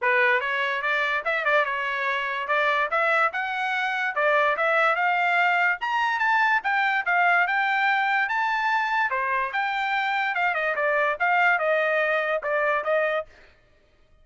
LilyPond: \new Staff \with { instrumentName = "trumpet" } { \time 4/4 \tempo 4 = 145 b'4 cis''4 d''4 e''8 d''8 | cis''2 d''4 e''4 | fis''2 d''4 e''4 | f''2 ais''4 a''4 |
g''4 f''4 g''2 | a''2 c''4 g''4~ | g''4 f''8 dis''8 d''4 f''4 | dis''2 d''4 dis''4 | }